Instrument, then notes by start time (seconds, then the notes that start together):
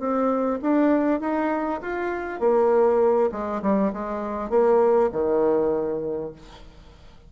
bassoon
0.00 C4
0.62 D4
1.21 D#4
1.82 F4
2.40 A#3
3.32 G#3
3.63 G3
3.94 G#3
4.50 A#3
5.13 D#3